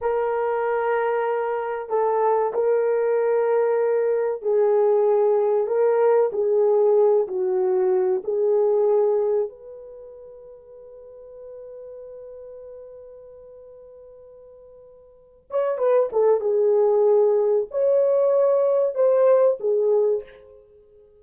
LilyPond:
\new Staff \with { instrumentName = "horn" } { \time 4/4 \tempo 4 = 95 ais'2. a'4 | ais'2. gis'4~ | gis'4 ais'4 gis'4. fis'8~ | fis'4 gis'2 b'4~ |
b'1~ | b'1~ | b'8 cis''8 b'8 a'8 gis'2 | cis''2 c''4 gis'4 | }